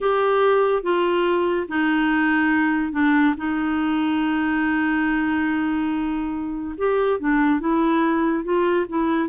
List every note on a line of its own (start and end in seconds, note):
0.00 0.82 G4
0.82 1.67 F4
1.68 2.92 D#4
2.92 3.34 D4
3.36 6.75 D#4
6.77 7.19 G4
7.19 7.59 D4
7.59 8.44 E4
8.44 8.86 F4
8.88 9.28 E4